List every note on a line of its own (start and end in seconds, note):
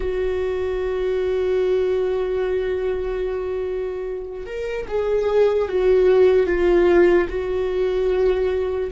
0.00 4.46 F#4
4.46 4.86 A#4
4.88 5.68 G#4
5.68 6.46 F#4
6.46 7.27 F4
7.28 8.90 F#4